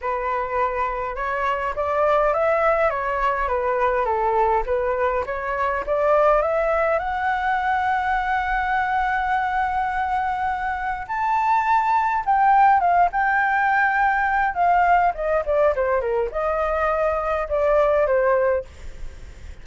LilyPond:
\new Staff \with { instrumentName = "flute" } { \time 4/4 \tempo 4 = 103 b'2 cis''4 d''4 | e''4 cis''4 b'4 a'4 | b'4 cis''4 d''4 e''4 | fis''1~ |
fis''2. a''4~ | a''4 g''4 f''8 g''4.~ | g''4 f''4 dis''8 d''8 c''8 ais'8 | dis''2 d''4 c''4 | }